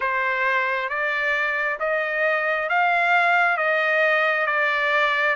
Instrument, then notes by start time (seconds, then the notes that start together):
trumpet
0.00 C5
0.89 D5
1.79 D#5
2.69 F5
3.57 D#5
4.46 D5